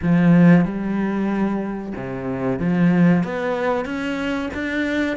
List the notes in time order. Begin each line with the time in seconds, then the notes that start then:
0.02 F3
0.64 G3
1.95 C3
2.59 F3
3.23 B3
3.85 C#4
4.54 D4